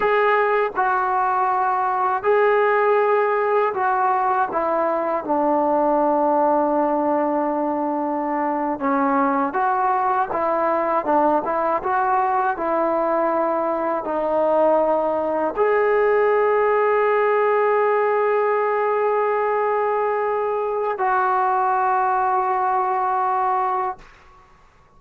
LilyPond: \new Staff \with { instrumentName = "trombone" } { \time 4/4 \tempo 4 = 80 gis'4 fis'2 gis'4~ | gis'4 fis'4 e'4 d'4~ | d'2.~ d'8. cis'16~ | cis'8. fis'4 e'4 d'8 e'8 fis'16~ |
fis'8. e'2 dis'4~ dis'16~ | dis'8. gis'2.~ gis'16~ | gis'1 | fis'1 | }